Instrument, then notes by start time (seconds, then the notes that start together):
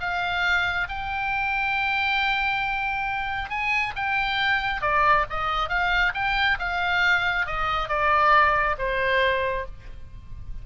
oboe
0.00 F5
0.89 G5
3.50 G#5
3.96 G5
4.81 D5
5.30 D#5
5.69 F5
6.14 G5
6.59 F5
7.46 D#5
7.89 D5
8.78 C5